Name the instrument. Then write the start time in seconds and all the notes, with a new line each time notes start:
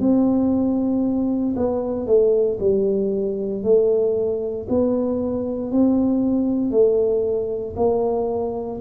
tuba
0.00 C4
1.56 B3
2.06 A3
2.60 G3
3.63 A3
4.69 B3
5.71 C4
6.71 A3
7.76 A#3